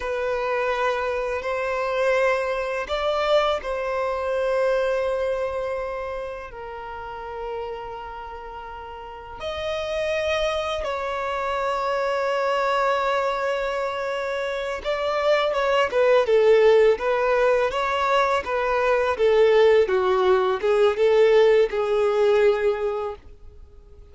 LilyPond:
\new Staff \with { instrumentName = "violin" } { \time 4/4 \tempo 4 = 83 b'2 c''2 | d''4 c''2.~ | c''4 ais'2.~ | ais'4 dis''2 cis''4~ |
cis''1~ | cis''8 d''4 cis''8 b'8 a'4 b'8~ | b'8 cis''4 b'4 a'4 fis'8~ | fis'8 gis'8 a'4 gis'2 | }